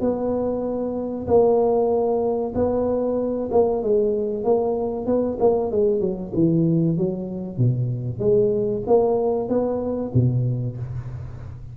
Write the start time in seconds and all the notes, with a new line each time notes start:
0.00 B3
1.27 A#3
2.54 B3
3.51 A#3
3.82 G#3
4.44 A#3
5.06 B3
5.39 A#3
5.71 G#3
6.00 F#3
6.34 E3
6.97 F#3
7.57 B2
8.19 G#3
8.87 A#3
9.48 B3
10.14 B2